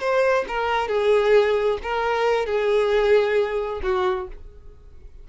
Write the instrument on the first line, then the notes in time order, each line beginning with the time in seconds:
violin
0.00 C5
0.48 A#4
0.88 G#4
1.83 A#4
2.46 G#4
3.83 F#4